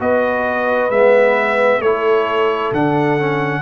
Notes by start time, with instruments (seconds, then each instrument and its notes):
0.00 tuba B3, trombone F#4, horn B4, trumpet D#5
0.90 tuba G#3, trombone B3, trumpet E5
1.80 tuba A3, trombone E4, horn A4, trumpet C#5
2.72 tuba D3, trombone D4, trumpet F#5
3.19 trombone C#4